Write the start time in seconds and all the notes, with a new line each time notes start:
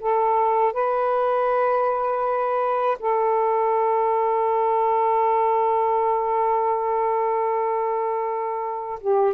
0.00 A4
0.73 B4
2.99 A4
9.00 G4